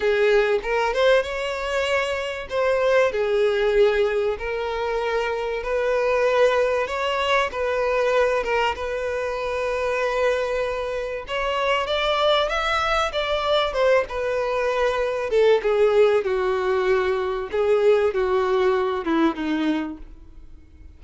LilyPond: \new Staff \with { instrumentName = "violin" } { \time 4/4 \tempo 4 = 96 gis'4 ais'8 c''8 cis''2 | c''4 gis'2 ais'4~ | ais'4 b'2 cis''4 | b'4. ais'8 b'2~ |
b'2 cis''4 d''4 | e''4 d''4 c''8 b'4.~ | b'8 a'8 gis'4 fis'2 | gis'4 fis'4. e'8 dis'4 | }